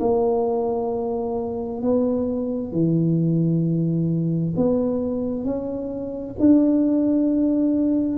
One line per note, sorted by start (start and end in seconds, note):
0.00 1.82 A#3
1.82 2.72 B3
2.72 4.54 E3
4.57 5.45 B3
5.45 6.36 C#4
6.40 8.18 D4